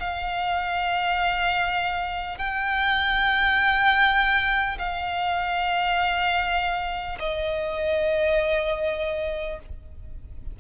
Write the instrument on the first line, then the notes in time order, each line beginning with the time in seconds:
violin
0.00 F5
2.38 G5
4.79 F5
7.20 D#5